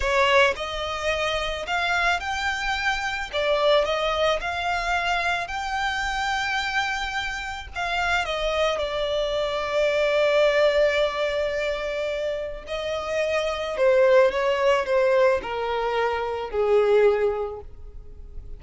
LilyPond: \new Staff \with { instrumentName = "violin" } { \time 4/4 \tempo 4 = 109 cis''4 dis''2 f''4 | g''2 d''4 dis''4 | f''2 g''2~ | g''2 f''4 dis''4 |
d''1~ | d''2. dis''4~ | dis''4 c''4 cis''4 c''4 | ais'2 gis'2 | }